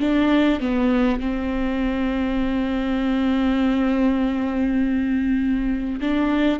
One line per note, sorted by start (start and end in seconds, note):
0.00 0.60 D4
0.60 1.20 B3
1.20 6.00 C4
6.00 6.59 D4